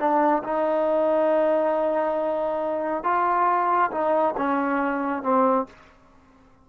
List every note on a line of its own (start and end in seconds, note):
0.00 0.43 D4
0.44 3.04 D#4
3.04 3.91 F4
3.92 4.35 D#4
4.38 5.23 C#4
5.23 5.67 C4